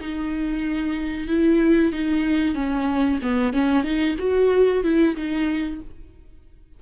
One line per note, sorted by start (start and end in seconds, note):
0.00 1.28 D#4
1.28 1.92 E4
1.92 2.55 D#4
2.55 3.19 C#4
3.22 3.53 B3
3.53 3.84 C#4
3.84 4.16 D#4
4.18 4.83 F#4
4.83 5.15 E4
5.16 5.80 D#4